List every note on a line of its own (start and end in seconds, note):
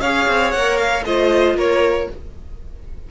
0.00 0.26 C#4
0.00 0.55 G#4
0.00 1.04 C#5
0.00 0.51 F5
0.27 0.53 C4
0.51 1.05 A#3
0.51 1.05 A#4
0.51 0.77 F#5
0.77 1.03 F5
1.05 1.54 A3
1.05 2.09 F4
1.05 1.56 C5
1.05 1.57 D#5
1.54 2.06 A#3
1.54 2.08 A#4
1.54 2.10 C#5